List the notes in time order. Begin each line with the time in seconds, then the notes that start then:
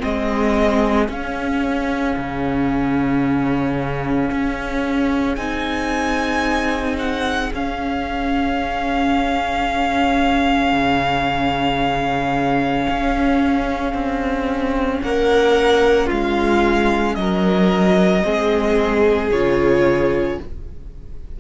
0.00 G#3 C4 G#4 D#5
1.08 C#4 F5
2.16 C#3
4.31 C#4
5.35 C4 D#4 G#5
6.99 F#5
7.53 C#4 F5
10.72 C#3
12.89 C#4
13.94 C4
15.02 A#3 A#4 F#5
16.06 G#3 F4 F5
17.15 F#3 A#4 D#5
18.23 G#3 C4 G#4
19.31 C#3 F4 C#5